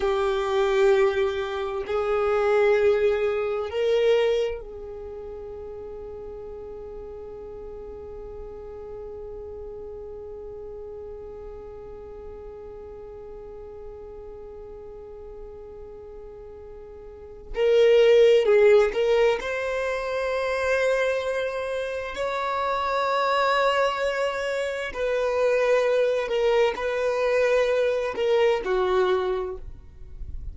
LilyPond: \new Staff \with { instrumentName = "violin" } { \time 4/4 \tempo 4 = 65 g'2 gis'2 | ais'4 gis'2.~ | gis'1~ | gis'1~ |
gis'2. ais'4 | gis'8 ais'8 c''2. | cis''2. b'4~ | b'8 ais'8 b'4. ais'8 fis'4 | }